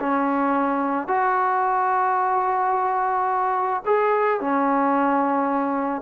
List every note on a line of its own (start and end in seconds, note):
0.00 1.08 C#4
1.08 3.83 F#4
3.86 4.40 G#4
4.40 6.02 C#4